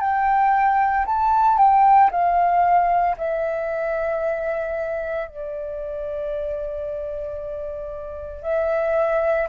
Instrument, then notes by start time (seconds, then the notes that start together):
flute
0.00 G5
1.06 A5
1.57 G5
2.11 F5
3.17 E5
5.28 D5
8.43 E5